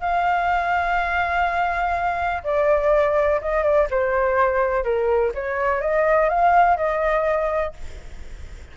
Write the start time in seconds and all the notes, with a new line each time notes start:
0.00 F5
2.43 D5
3.41 D#5
3.63 D5
3.90 C5
4.83 A#4
5.34 C#5
5.80 D#5
6.29 F5
6.77 D#5